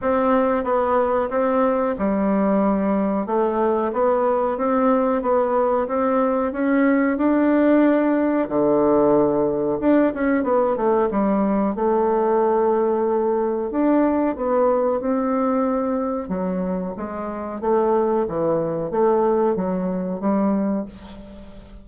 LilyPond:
\new Staff \with { instrumentName = "bassoon" } { \time 4/4 \tempo 4 = 92 c'4 b4 c'4 g4~ | g4 a4 b4 c'4 | b4 c'4 cis'4 d'4~ | d'4 d2 d'8 cis'8 |
b8 a8 g4 a2~ | a4 d'4 b4 c'4~ | c'4 fis4 gis4 a4 | e4 a4 fis4 g4 | }